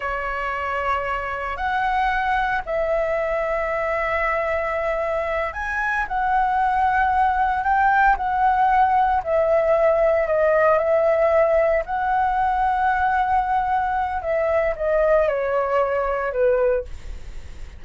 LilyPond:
\new Staff \with { instrumentName = "flute" } { \time 4/4 \tempo 4 = 114 cis''2. fis''4~ | fis''4 e''2.~ | e''2~ e''8 gis''4 fis''8~ | fis''2~ fis''8 g''4 fis''8~ |
fis''4. e''2 dis''8~ | dis''8 e''2 fis''4.~ | fis''2. e''4 | dis''4 cis''2 b'4 | }